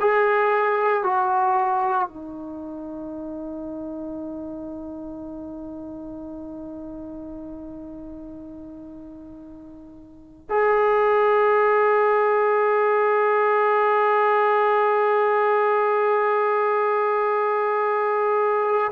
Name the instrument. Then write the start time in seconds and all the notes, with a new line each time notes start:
trombone
0.00 G#4
1.04 F#4
2.09 D#4
10.50 G#4